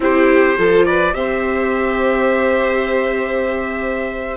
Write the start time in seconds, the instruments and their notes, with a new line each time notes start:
0.00 bassoon C4, viola E4, violin G4, trumpet C5
0.57 bassoon F3, viola F4, violin A4
0.85 violin B4, trumpet D5
1.13 bassoon C4, viola G4, violin C5, trumpet E5